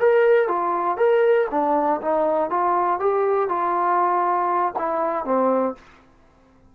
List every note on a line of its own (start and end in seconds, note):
0.00 0.48 A#4
0.48 0.97 F4
0.97 1.47 A#4
1.51 2.01 D4
2.02 2.50 D#4
2.50 3.00 F4
3.00 3.49 G4
3.49 4.74 F4
4.78 5.25 E4
5.25 5.75 C4